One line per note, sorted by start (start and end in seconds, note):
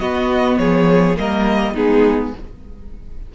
0.00 1.17 B3
0.00 0.58 B3
0.00 0.59 F#4
0.00 0.58 D#5
0.58 1.17 F3
0.58 1.19 G#4
0.58 1.17 C#5
1.17 1.75 G3
1.17 1.76 A#3
1.17 1.74 A#4
1.17 1.77 D#5
1.74 2.34 G#3
1.74 2.35 B3
1.74 2.33 D#4
1.74 2.35 G#4